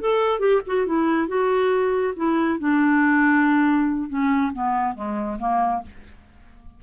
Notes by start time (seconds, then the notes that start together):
0.00 A4
0.39 G4
0.66 F#4
0.86 E4
1.28 F#4
2.16 E4
2.59 D4
4.09 C#4
4.53 B3
4.94 G#3
5.39 A#3